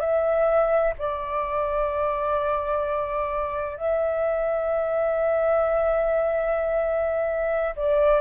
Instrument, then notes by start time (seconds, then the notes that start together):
flute
0.00 E5
0.99 D5
3.77 E5
7.76 D5